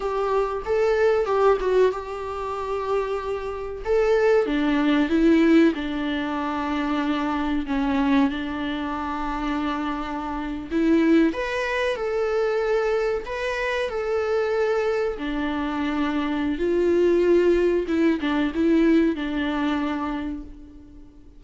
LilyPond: \new Staff \with { instrumentName = "viola" } { \time 4/4 \tempo 4 = 94 g'4 a'4 g'8 fis'8 g'4~ | g'2 a'4 d'4 | e'4 d'2. | cis'4 d'2.~ |
d'8. e'4 b'4 a'4~ a'16~ | a'8. b'4 a'2 d'16~ | d'2 f'2 | e'8 d'8 e'4 d'2 | }